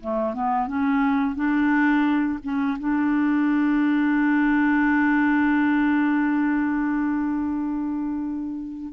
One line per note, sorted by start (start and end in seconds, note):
0.00 0.34 A3
0.34 0.67 B3
0.67 1.35 C#4
1.35 2.39 D4
2.43 2.78 C#4
2.79 8.93 D4